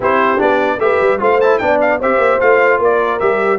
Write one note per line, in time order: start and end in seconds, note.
0.00 0.38 C4
0.00 0.37 E4
0.00 0.77 G4
0.00 0.41 C5
0.37 0.79 B3
0.37 0.77 D4
0.37 0.80 D5
0.79 0.99 A3
0.79 1.19 G4
0.79 1.20 B4
0.79 1.20 E5
1.00 1.20 G3
1.19 1.60 A3
1.19 1.39 F4
1.19 1.60 C5
1.19 1.40 F5
1.40 1.60 E4
1.40 1.58 A5
1.58 2.01 B3
1.58 2.00 D4
1.58 1.99 D5
1.58 1.78 G5
1.80 2.00 F5
1.99 2.16 C4
1.99 2.41 G4
1.99 2.79 C5
1.99 2.40 E5
2.16 2.36 A#3
2.40 2.79 A3
2.40 3.20 F4
2.40 2.80 F5
2.79 3.19 A#3
2.79 3.58 A#4
2.79 3.19 D5
3.19 3.58 G3
3.19 3.58 G4
3.19 3.58 E5